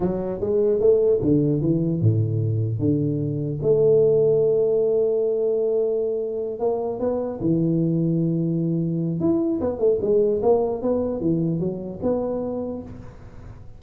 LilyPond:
\new Staff \with { instrumentName = "tuba" } { \time 4/4 \tempo 4 = 150 fis4 gis4 a4 d4 | e4 a,2 d4~ | d4 a2.~ | a1~ |
a8 ais4 b4 e4.~ | e2. e'4 | b8 a8 gis4 ais4 b4 | e4 fis4 b2 | }